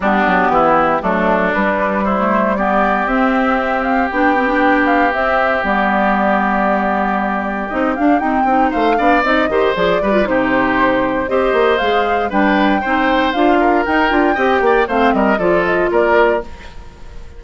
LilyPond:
<<
  \new Staff \with { instrumentName = "flute" } { \time 4/4 \tempo 4 = 117 g'2 a'4 b'4 | c''4 d''4 e''4. f''8 | g''4. f''8 e''4 d''4~ | d''2. dis''8 f''8 |
g''4 f''4 dis''4 d''4 | c''2 dis''4 f''4 | g''2 f''4 g''4~ | g''4 f''8 dis''8 d''8 dis''8 d''4 | }
  \new Staff \with { instrumentName = "oboe" } { \time 4/4 d'4 e'4 d'2 | e'4 g'2.~ | g'1~ | g'1~ |
g'4 c''8 d''4 c''4 b'8 | g'2 c''2 | b'4 c''4. ais'4. | dis''8 d''8 c''8 ais'8 a'4 ais'4 | }
  \new Staff \with { instrumentName = "clarinet" } { \time 4/4 b2 a4 g4~ | g16 a8. b4 c'2 | d'8 c'16 d'4~ d'16 c'4 b4~ | b2. dis'8 d'8 |
c'8 dis'4 d'8 dis'8 g'8 gis'8 g'16 f'16 | dis'2 g'4 gis'4 | d'4 dis'4 f'4 dis'8 f'8 | g'4 c'4 f'2 | }
  \new Staff \with { instrumentName = "bassoon" } { \time 4/4 g8 fis8 e4 fis4 g4~ | g2 c'2 | b2 c'4 g4~ | g2. c'8 d'8 |
dis'8 c'8 a8 b8 c'8 dis8 f8 g8 | c2 c'8 ais8 gis4 | g4 c'4 d'4 dis'8 d'8 | c'8 ais8 a8 g8 f4 ais4 | }
>>